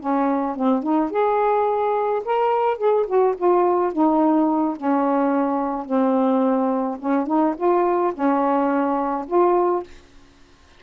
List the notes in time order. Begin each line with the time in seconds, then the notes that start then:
0.00 C#4
0.56 C4
0.83 D#4
1.10 G#4
2.25 A#4
2.78 G#4
3.07 F#4
3.37 F4
3.93 D#4
4.77 C#4
5.85 C4
6.99 C#4
7.27 D#4
7.57 F4
8.14 C#4
9.27 F4